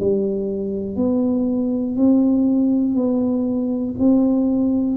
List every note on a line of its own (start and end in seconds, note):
0.00 0.97 G3
0.97 1.96 B3
1.96 2.95 C4
2.95 3.95 B3
4.00 4.97 C4